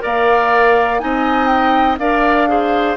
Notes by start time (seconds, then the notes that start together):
0.00 A#3 A#4 D5 F5
1.00 C4 D#4 D#5 G#5
1.47 G5
1.99 D4 A#4 D5 F5
2.49 G#4 C5